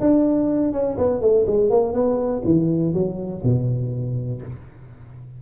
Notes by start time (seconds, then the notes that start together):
0.00 D4
0.72 C#4
0.97 B3
1.21 A3
1.46 G#3
1.69 A#3
1.93 B3
2.45 E3
2.93 F#3
3.43 B2